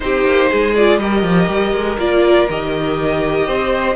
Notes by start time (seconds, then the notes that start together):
0.00 C4 D#4 G4 C5
0.24 A#3
0.49 G#3 G#4
0.75 F4 D5
0.98 G3 G4 A#4 D#5
1.23 F3
1.48 G3
1.72 G#3
1.99 A#3 F4 D5
2.49 D#3 G4 D#5
3.46 C4 C5